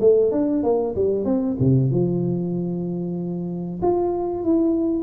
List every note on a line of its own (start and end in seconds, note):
0.00 0.32 A3
0.32 0.63 D4
0.63 0.95 A#3
0.95 1.25 G3
1.25 1.56 C4
1.60 1.91 C3
1.91 3.80 F3
3.82 4.44 F4
4.44 5.03 E4